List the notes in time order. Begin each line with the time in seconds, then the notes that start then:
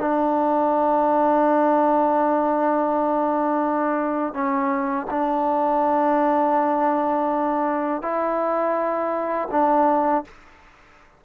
0.00 D4
4.34 C#4
5.11 D4
8.03 E4
9.52 D4